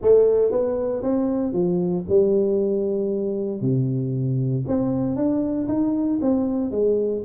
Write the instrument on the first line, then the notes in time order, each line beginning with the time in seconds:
tuba
0.01 A3
0.51 B3
1.02 C4
1.53 F3
2.08 G3
3.61 C3
4.67 C4
5.16 D4
5.68 D#4
6.21 C4
6.71 G#3